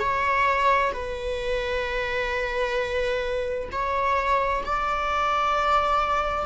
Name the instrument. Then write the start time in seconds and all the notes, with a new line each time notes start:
viola
0.00 C#5
0.93 B4
3.72 C#5
4.65 D5